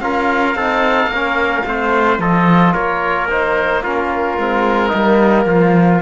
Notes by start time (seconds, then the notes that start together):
0.00 C#4 F4 A#4 F5
0.55 C4 D#4 A4
1.07 A#3 A#4
1.14 C#4
1.66 A3 C4 C5
2.19 F3 F4 A4 D#5
2.73 A#3 A#4 C#5
3.30 D#4 C5
3.83 C#4 F4 A#4
4.38 G#3 C4
4.89 G3 A#3 D#4
5.46 F3 F4